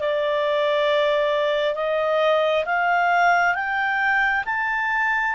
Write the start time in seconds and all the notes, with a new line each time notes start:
0.00 D5
1.75 D#5
2.66 F5
3.55 G5
4.46 A5